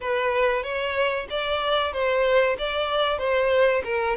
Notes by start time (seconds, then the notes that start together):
0.00 B4
0.63 C#5
1.29 D5
1.92 C5
2.58 D5
3.18 C5
3.84 A#4